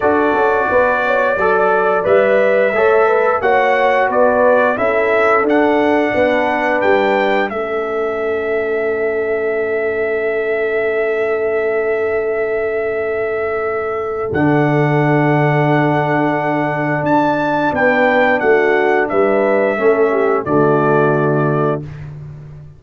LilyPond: <<
  \new Staff \with { instrumentName = "trumpet" } { \time 4/4 \tempo 4 = 88 d''2. e''4~ | e''4 fis''4 d''4 e''4 | fis''2 g''4 e''4~ | e''1~ |
e''1~ | e''4 fis''2.~ | fis''4 a''4 g''4 fis''4 | e''2 d''2 | }
  \new Staff \with { instrumentName = "horn" } { \time 4/4 a'4 b'8 cis''8 d''2 | cis''8 b'8 cis''4 b'4 a'4~ | a'4 b'2 a'4~ | a'1~ |
a'1~ | a'1~ | a'2 b'4 fis'4 | b'4 a'8 g'8 fis'2 | }
  \new Staff \with { instrumentName = "trombone" } { \time 4/4 fis'2 a'4 b'4 | a'4 fis'2 e'4 | d'2. cis'4~ | cis'1~ |
cis'1~ | cis'4 d'2.~ | d'1~ | d'4 cis'4 a2 | }
  \new Staff \with { instrumentName = "tuba" } { \time 4/4 d'8 cis'8 b4 fis4 g4 | a4 ais4 b4 cis'4 | d'4 b4 g4 a4~ | a1~ |
a1~ | a4 d2.~ | d4 d'4 b4 a4 | g4 a4 d2 | }
>>